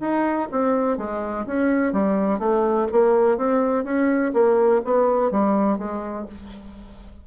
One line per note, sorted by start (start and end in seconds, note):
0.00 0.48 D#4
0.51 0.98 C4
0.98 1.46 G#3
1.46 1.93 C#4
1.93 2.39 G3
2.39 2.87 A3
2.92 3.37 A#3
3.37 3.84 C4
3.84 4.32 C#4
4.33 4.81 A#3
4.85 5.31 B3
5.31 5.78 G3
5.78 6.26 G#3